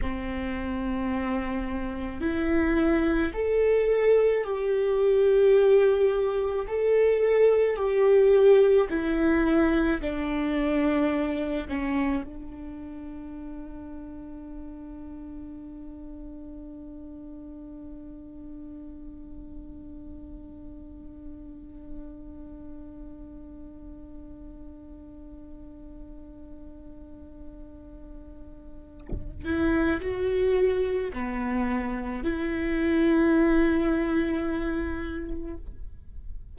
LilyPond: \new Staff \with { instrumentName = "viola" } { \time 4/4 \tempo 4 = 54 c'2 e'4 a'4 | g'2 a'4 g'4 | e'4 d'4. cis'8 d'4~ | d'1~ |
d'1~ | d'1~ | d'2~ d'8 e'8 fis'4 | b4 e'2. | }